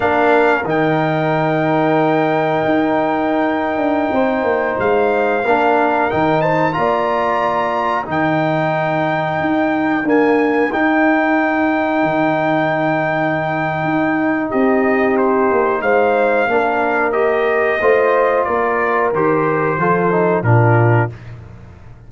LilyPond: <<
  \new Staff \with { instrumentName = "trumpet" } { \time 4/4 \tempo 4 = 91 f''4 g''2.~ | g''2.~ g''16 f''8.~ | f''4~ f''16 g''8 a''8 ais''4.~ ais''16~ | ais''16 g''2. gis''8.~ |
gis''16 g''2.~ g''8.~ | g''2 dis''4 c''4 | f''2 dis''2 | d''4 c''2 ais'4 | }
  \new Staff \with { instrumentName = "horn" } { \time 4/4 ais'1~ | ais'2~ ais'16 c''4.~ c''16~ | c''16 ais'4. c''8 d''4.~ d''16~ | d''16 ais'2.~ ais'8.~ |
ais'1~ | ais'2 g'2 | c''4 ais'2 c''4 | ais'2 a'4 f'4 | }
  \new Staff \with { instrumentName = "trombone" } { \time 4/4 d'4 dis'2.~ | dis'1~ | dis'16 d'4 dis'4 f'4.~ f'16~ | f'16 dis'2. ais8.~ |
ais16 dis'2.~ dis'8.~ | dis'1~ | dis'4 d'4 g'4 f'4~ | f'4 g'4 f'8 dis'8 d'4 | }
  \new Staff \with { instrumentName = "tuba" } { \time 4/4 ais4 dis2. | dis'4.~ dis'16 d'8 c'8 ais8 gis8.~ | gis16 ais4 dis4 ais4.~ ais16~ | ais16 dis2 dis'4 d'8.~ |
d'16 dis'2 dis4.~ dis16~ | dis4 dis'4 c'4. ais8 | gis4 ais2 a4 | ais4 dis4 f4 ais,4 | }
>>